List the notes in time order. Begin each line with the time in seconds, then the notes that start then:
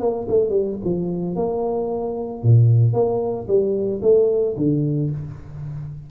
0.00 A#3
0.28 A3
0.50 G3
0.84 F3
1.36 A#3
2.43 A#2
2.93 A#3
3.47 G3
4.02 A3
4.57 D3